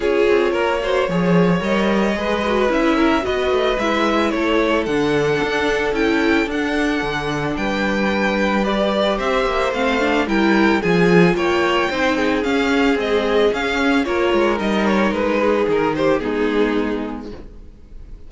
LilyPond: <<
  \new Staff \with { instrumentName = "violin" } { \time 4/4 \tempo 4 = 111 cis''2. dis''4~ | dis''4 e''4 dis''4 e''4 | cis''4 fis''2 g''4 | fis''2 g''2 |
d''4 e''4 f''4 g''4 | gis''4 g''2 f''4 | dis''4 f''4 cis''4 dis''8 cis''8 | b'4 ais'8 c''8 gis'2 | }
  \new Staff \with { instrumentName = "violin" } { \time 4/4 gis'4 ais'8 c''8 cis''2 | b'4. ais'8 b'2 | a'1~ | a'2 b'2~ |
b'4 c''2 ais'4 | gis'4 cis''4 c''8 gis'4.~ | gis'2 ais'2~ | ais'8 gis'4 g'8 dis'2 | }
  \new Staff \with { instrumentName = "viola" } { \time 4/4 f'4. fis'8 gis'4 ais'4 | gis'8 fis'8 e'4 fis'4 e'4~ | e'4 d'2 e'4 | d'1 |
g'2 c'8 d'8 e'4 | f'2 dis'4 cis'4 | gis4 cis'4 f'4 dis'4~ | dis'2 b2 | }
  \new Staff \with { instrumentName = "cello" } { \time 4/4 cis'8 c'8 ais4 f4 g4 | gis4 cis'4 b8 a8 gis4 | a4 d4 d'4 cis'4 | d'4 d4 g2~ |
g4 c'8 ais8 a4 g4 | f4 ais4 c'4 cis'4 | c'4 cis'4 ais8 gis8 g4 | gis4 dis4 gis2 | }
>>